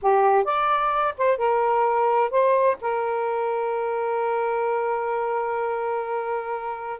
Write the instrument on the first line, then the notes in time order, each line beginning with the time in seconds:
saxophone
0.02 G4
0.44 D5
1.17 C5
1.37 A#4
2.30 C5
2.81 A#4